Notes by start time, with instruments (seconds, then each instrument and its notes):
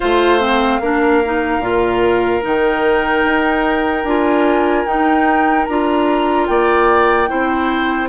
0.00 bassoon A3, clarinet F4, oboe C5, flute F5
0.40 clarinet C4
0.80 bassoon A#3, clarinet D4, oboe A#4
1.24 clarinet D#4
1.59 bassoon A#2, clarinet F4
2.41 bassoon D#3, clarinet D#4, flute G5
3.24 bassoon D#4
4.04 bassoon D4, clarinet F4, flute G#5
4.85 bassoon D#4, clarinet D#4, flute G5
5.65 bassoon D4, clarinet F4, flute A#5
6.46 bassoon A#3, oboe D5, flute G5
7.27 bassoon C4, clarinet E4, oboe C5